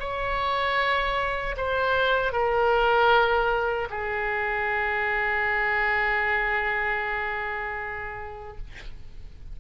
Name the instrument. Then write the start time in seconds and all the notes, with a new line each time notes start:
oboe
0.00 C#5
1.57 C5
2.33 A#4
3.90 G#4